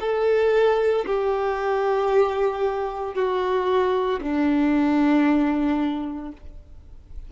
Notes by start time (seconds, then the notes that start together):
0.00 A4
1.05 G4
3.14 F#4
4.21 D4